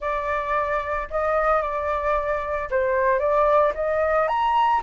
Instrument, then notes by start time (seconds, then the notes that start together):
flute
0.00 D5
1.10 D#5
1.61 D5
2.70 C5
3.19 D5
3.74 D#5
4.28 A#5